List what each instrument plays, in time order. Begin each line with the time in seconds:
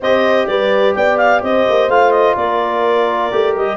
0.00 tuba C4, trombone G4, horn C5, clarinet D#5
0.47 tuba G3, horn B4, clarinet D5
0.95 tuba B3, horn D5, clarinet G5
1.17 clarinet F5
1.41 tuba C4, horn C5, clarinet D#5
1.68 tuba A#3
1.88 tuba A3, trombone F4, clarinet F5
2.11 clarinet D#5
2.35 tuba A#3, horn A#4, clarinet D5
3.31 tuba A3, trombone G4
3.55 tuba G3, clarinet D#5